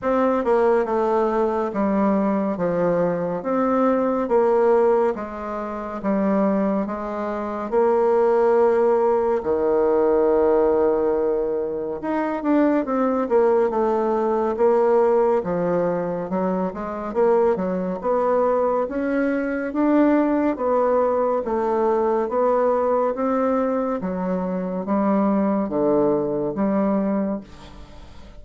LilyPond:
\new Staff \with { instrumentName = "bassoon" } { \time 4/4 \tempo 4 = 70 c'8 ais8 a4 g4 f4 | c'4 ais4 gis4 g4 | gis4 ais2 dis4~ | dis2 dis'8 d'8 c'8 ais8 |
a4 ais4 f4 fis8 gis8 | ais8 fis8 b4 cis'4 d'4 | b4 a4 b4 c'4 | fis4 g4 d4 g4 | }